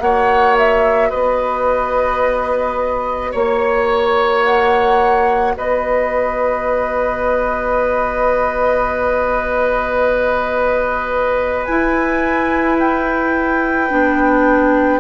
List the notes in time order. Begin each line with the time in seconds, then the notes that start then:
0.00 A#3 F#4 C#5 F#5
0.58 E5
1.09 B3 B4 D#5
3.31 A#3 C#5
4.44 F#5
5.57 B3 B4 D#5
11.65 E4 G#5
12.80 G5
13.90 B3 D4